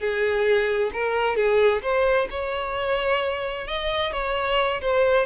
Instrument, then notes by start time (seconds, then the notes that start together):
violin
0.00 G#4
0.93 A#4
1.37 G#4
1.83 C5
2.31 C#5
3.68 D#5
4.13 C#5
4.82 C5